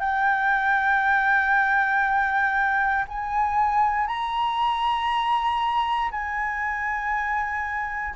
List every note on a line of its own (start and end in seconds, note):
0.00 3.05 G5
3.08 4.07 G#5
4.07 6.10 A#5
6.11 8.14 G#5